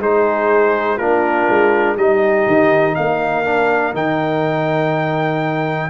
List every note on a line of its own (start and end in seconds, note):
0.00 0.98 G#3
0.00 1.00 D#4
0.00 0.97 G#4
0.00 0.98 C5
0.97 1.47 A#3
0.97 1.98 D4
0.97 1.95 F4
0.97 1.97 A#4
1.50 1.97 G#3
1.97 2.47 G3
1.97 3.45 D#4
1.97 2.96 G4
1.97 2.95 D#5
2.48 2.97 D#3
2.95 3.94 A#3
2.95 5.91 A#4
2.95 3.94 F5
3.45 3.94 D4
3.94 5.91 D#3
3.94 5.91 D#4
3.94 5.91 G5